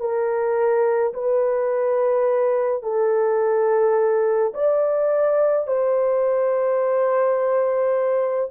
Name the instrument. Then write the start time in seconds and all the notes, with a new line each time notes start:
horn
0.00 A#4
1.13 B4
2.83 A4
4.54 D5
5.67 C5